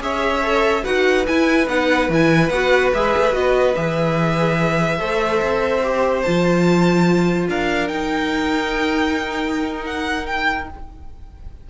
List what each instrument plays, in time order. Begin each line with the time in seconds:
0.00 cello C#4, viola G#4, violin C#5 E5
0.43 viola A4
0.84 cello D#4, viola F#4, violin B4 F#5
1.27 viola E4, cello E4, violin G#5
1.68 cello B3, viola D#4, violin F#5
2.09 cello E3, viola E4, violin G#5
2.50 cello B3, viola F#4, violin F#5
2.95 cello G#3, viola G#4, violin E5
3.18 cello A3
3.32 cello B3, viola F#4, violin D#5
3.76 cello E3, viola G#4, violin E5
4.99 cello A3, viola A4, violin C5
5.42 cello C4
5.84 viola G4
6.22 cello F3, viola F4, violin A5
7.49 cello D4, violin A#4 F5
7.88 viola D#4, cello D#4, violin G5
9.87 violin F#5
10.27 violin G5